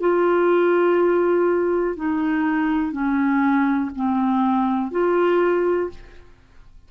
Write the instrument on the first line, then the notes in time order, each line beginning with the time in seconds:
clarinet
0.00 F4
1.96 D#4
2.92 C#4
3.96 C4
4.92 F4